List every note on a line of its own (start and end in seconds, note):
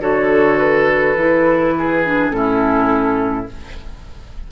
0.00 1.15 D3
0.00 1.15 F#4
0.00 1.74 A4
0.00 0.58 C#5
0.58 2.30 B4
1.15 2.31 E3
1.15 2.05 E4
1.78 2.36 G#4
2.05 2.31 D4
2.30 3.47 A2
2.30 3.46 C#4
2.30 3.51 E4
2.30 3.46 A4